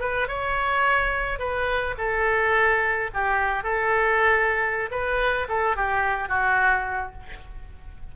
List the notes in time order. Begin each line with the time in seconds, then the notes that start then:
0.00 B4
0.28 C#5
1.39 B4
1.98 A4
3.14 G4
3.63 A4
4.91 B4
5.49 A4
5.76 G4
6.28 F#4